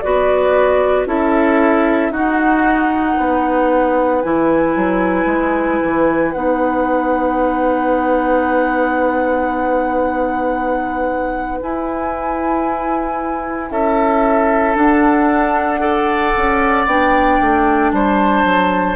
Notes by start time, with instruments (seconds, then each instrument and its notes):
0.00 bassoon B3, clarinet F#4, oboe B4, flute D5
1.06 bassoon C#4, clarinet E4, oboe A4, flute E5
2.10 bassoon D#4, clarinet D#4, oboe F#4, flute F#5
3.16 bassoon B3, oboe B4
4.22 bassoon E3, clarinet E4, flute G#5
4.76 bassoon F#3
5.26 bassoon G#3
5.83 bassoon E3
6.32 bassoon B3, clarinet D#4, flute F#5
11.61 clarinet E4, bassoon E4, flute G#5
13.70 bassoon C#4, oboe A4, flute E5
14.75 clarinet D4, bassoon D4, flute F#5
15.80 clarinet A4, oboe D5
16.37 bassoon C#4
16.86 bassoon B3, clarinet D4, flute G5
17.41 bassoon A3
17.91 bassoon G3, oboe C5, flute A5
18.45 bassoon F#3